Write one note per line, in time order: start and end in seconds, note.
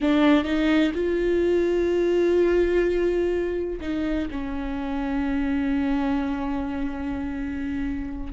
0.00 0.44 D4
0.44 0.92 D#4
0.94 3.80 F4
3.80 4.28 D#4
4.31 8.32 C#4